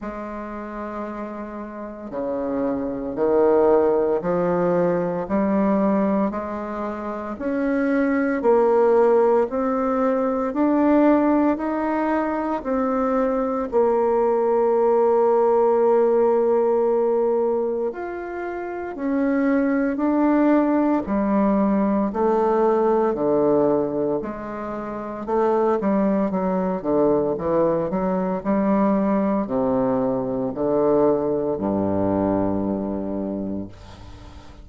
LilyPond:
\new Staff \with { instrumentName = "bassoon" } { \time 4/4 \tempo 4 = 57 gis2 cis4 dis4 | f4 g4 gis4 cis'4 | ais4 c'4 d'4 dis'4 | c'4 ais2.~ |
ais4 f'4 cis'4 d'4 | g4 a4 d4 gis4 | a8 g8 fis8 d8 e8 fis8 g4 | c4 d4 g,2 | }